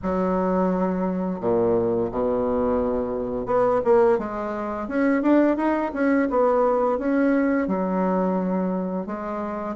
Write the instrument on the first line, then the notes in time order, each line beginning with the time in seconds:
bassoon
0.02 F#3
1.40 A#2
2.11 B2
3.45 B3
3.84 A#3
4.18 G#3
4.87 C#4
5.22 D4
5.57 D#4
5.93 C#4
6.29 B3
6.98 C#4
7.67 F#3
9.06 G#3